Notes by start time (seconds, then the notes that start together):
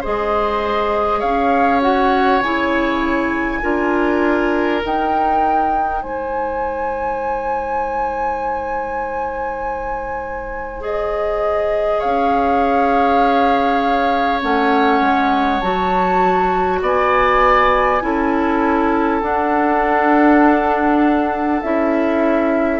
0.00 G#3 G#4 C5 D#5
1.19 C#4 C#5 F5
1.81 F#4 F#5
2.41 C#3 E4 G#5
3.61 D4 F4 A#4
4.81 D#4 G5
6.02 G#3 C5 G#5
10.80 G#4 D#5
11.98 C#4 C#5 F5
14.41 A3 C#4 F#5
15.00 G#3
15.60 F#3 F#4 A5
16.81 B3 D5 G#5
18.01 C#4 E4 A4
19.21 D4 F#5
21.61 C#4 E4 E5